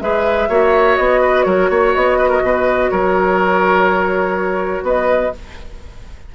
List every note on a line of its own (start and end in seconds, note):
0.00 0.48 G#3
0.00 0.49 G#4
0.00 0.49 B4
0.00 0.97 E5
0.49 0.97 A#3
0.49 5.33 F#4
0.49 1.21 C#5
0.97 1.45 B3
0.97 1.43 D#5
1.21 1.45 B4
1.43 1.69 F#3
1.43 1.70 A#4
1.43 1.92 C#5
1.69 1.94 A#3
1.69 2.18 C#5
1.94 2.42 B3
1.94 2.90 D#5
2.18 2.29 B4
2.29 2.41 A#4
2.42 2.90 B2
2.42 2.91 B4
2.90 4.83 F#3
2.90 4.85 A#4
2.90 4.84 C#5
4.83 5.31 B3
4.83 5.33 B4
4.83 5.35 D#5